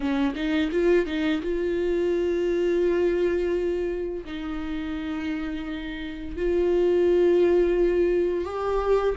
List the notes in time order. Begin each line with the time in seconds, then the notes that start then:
0.00 C#4
0.35 D#4
0.71 F4
1.06 D#4
1.41 F4
4.24 D#4
6.36 F4
8.44 G4